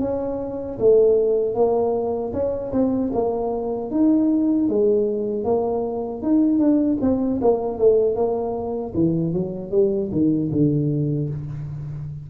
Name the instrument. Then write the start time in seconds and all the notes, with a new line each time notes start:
tuba
0.00 C#4
0.79 A3
1.55 A#3
2.33 C#4
2.72 C4
3.13 A#3
3.91 D#4
4.69 G#3
5.45 A#3
6.22 D#4
6.59 D4
7.01 C4
7.42 A#3
7.79 A3
8.16 A#3
8.95 E3
9.33 F#3
9.71 G3
10.12 D#3
10.52 D3